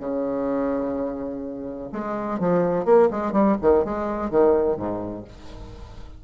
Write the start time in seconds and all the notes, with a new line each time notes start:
0.00 C#3
1.93 G#3
2.40 F3
2.85 A#3
3.11 G#3
3.33 G3
3.62 D#3
3.85 G#3
4.31 D#3
4.77 G#2